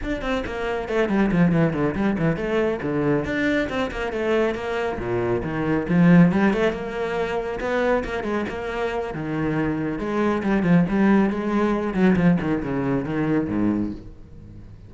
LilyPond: \new Staff \with { instrumentName = "cello" } { \time 4/4 \tempo 4 = 138 d'8 c'8 ais4 a8 g8 f8 e8 | d8 g8 e8 a4 d4 d'8~ | d'8 c'8 ais8 a4 ais4 ais,8~ | ais,8 dis4 f4 g8 a8 ais8~ |
ais4. b4 ais8 gis8 ais8~ | ais4 dis2 gis4 | g8 f8 g4 gis4. fis8 | f8 dis8 cis4 dis4 gis,4 | }